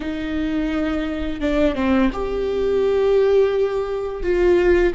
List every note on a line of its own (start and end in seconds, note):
0.00 1.40 D#4
1.40 1.75 D4
1.75 2.10 C4
2.12 4.22 G4
4.22 4.93 F4